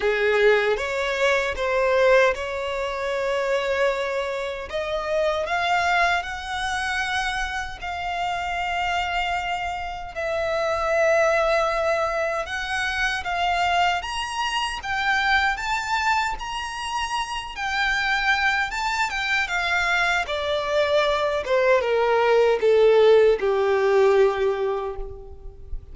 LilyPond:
\new Staff \with { instrumentName = "violin" } { \time 4/4 \tempo 4 = 77 gis'4 cis''4 c''4 cis''4~ | cis''2 dis''4 f''4 | fis''2 f''2~ | f''4 e''2. |
fis''4 f''4 ais''4 g''4 | a''4 ais''4. g''4. | a''8 g''8 f''4 d''4. c''8 | ais'4 a'4 g'2 | }